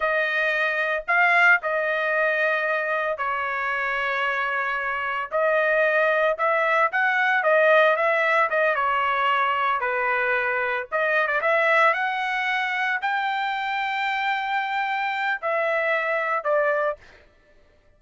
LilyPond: \new Staff \with { instrumentName = "trumpet" } { \time 4/4 \tempo 4 = 113 dis''2 f''4 dis''4~ | dis''2 cis''2~ | cis''2 dis''2 | e''4 fis''4 dis''4 e''4 |
dis''8 cis''2 b'4.~ | b'8 dis''8. d''16 e''4 fis''4.~ | fis''8 g''2.~ g''8~ | g''4 e''2 d''4 | }